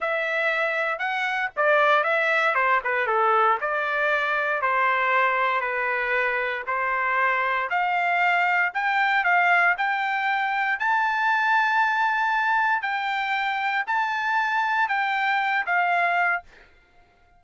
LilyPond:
\new Staff \with { instrumentName = "trumpet" } { \time 4/4 \tempo 4 = 117 e''2 fis''4 d''4 | e''4 c''8 b'8 a'4 d''4~ | d''4 c''2 b'4~ | b'4 c''2 f''4~ |
f''4 g''4 f''4 g''4~ | g''4 a''2.~ | a''4 g''2 a''4~ | a''4 g''4. f''4. | }